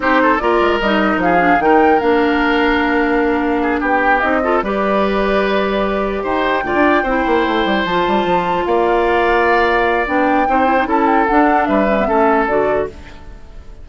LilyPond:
<<
  \new Staff \with { instrumentName = "flute" } { \time 4/4 \tempo 4 = 149 c''4 d''4 dis''4 f''4 | g''4 f''2.~ | f''4. g''4 dis''4 d''8~ | d''2.~ d''8 g''8~ |
g''2.~ g''8 a''8~ | a''4. f''2~ f''8~ | f''4 g''2 a''8 g''8 | fis''4 e''2 d''4 | }
  \new Staff \with { instrumentName = "oboe" } { \time 4/4 g'8 a'8 ais'2 gis'4 | ais'1~ | ais'4 gis'8 g'4. a'8 b'8~ | b'2.~ b'8 c''8~ |
c''8 d''4 c''2~ c''8~ | c''4. d''2~ d''8~ | d''2 c''4 a'4~ | a'4 b'4 a'2 | }
  \new Staff \with { instrumentName = "clarinet" } { \time 4/4 dis'4 f'4 dis'4. d'8 | dis'4 d'2.~ | d'2~ d'8 dis'8 f'8 g'8~ | g'1~ |
g'8 f'4 e'2 f'8~ | f'1~ | f'4 d'4 dis'8 e'16 dis'16 e'4 | d'4. cis'16 b16 cis'4 fis'4 | }
  \new Staff \with { instrumentName = "bassoon" } { \time 4/4 c'4 ais8 gis8 g4 f4 | dis4 ais2.~ | ais4. b4 c'4 g8~ | g2.~ g8 dis'8~ |
dis'8 d,16 d'8. c'8 ais8 a8 g8 f8 | g8 f4 ais2~ ais8~ | ais4 b4 c'4 cis'4 | d'4 g4 a4 d4 | }
>>